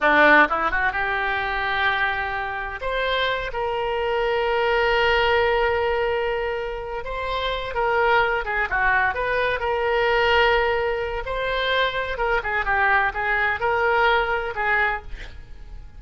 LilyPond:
\new Staff \with { instrumentName = "oboe" } { \time 4/4 \tempo 4 = 128 d'4 e'8 fis'8 g'2~ | g'2 c''4. ais'8~ | ais'1~ | ais'2. c''4~ |
c''8 ais'4. gis'8 fis'4 b'8~ | b'8 ais'2.~ ais'8 | c''2 ais'8 gis'8 g'4 | gis'4 ais'2 gis'4 | }